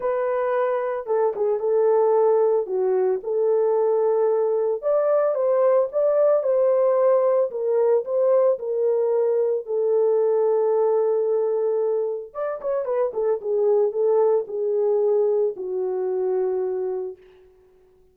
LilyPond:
\new Staff \with { instrumentName = "horn" } { \time 4/4 \tempo 4 = 112 b'2 a'8 gis'8 a'4~ | a'4 fis'4 a'2~ | a'4 d''4 c''4 d''4 | c''2 ais'4 c''4 |
ais'2 a'2~ | a'2. d''8 cis''8 | b'8 a'8 gis'4 a'4 gis'4~ | gis'4 fis'2. | }